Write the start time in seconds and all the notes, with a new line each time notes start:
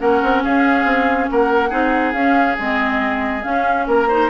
0.00 A#3 C#4 A#4 F#5
0.23 C4
0.44 C#4 G#4 F5
0.85 C4
1.31 A#3 A#4 F#5
1.70 C4 D#4 G#4
2.13 C#4 F5
2.58 G#3 C4 D#5
3.43 C#4 F5
3.87 A#3 A#4 A#5
4.08 D#4 C5